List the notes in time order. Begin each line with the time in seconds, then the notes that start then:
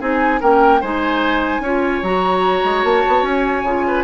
0.00 C4 D#4 G#4 G#5
0.40 A#3 C#4 A#4 G5
0.81 G#3 D#4 C5 G#5
1.60 C#4 F4 C#5
2.03 F#3 F#4 A#5
2.64 G#3
2.84 A#3 A5
3.08 B3
3.22 C#4 G#5
3.64 C#3 F4
3.87 B4